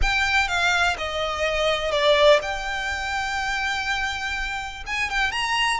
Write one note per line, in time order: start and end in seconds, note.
0.01 0.48 G5
0.48 0.96 F5
0.98 1.91 D#5
1.91 2.40 D5
2.41 4.83 G5
4.86 5.09 G#5
5.09 5.31 G5
5.31 5.80 A#5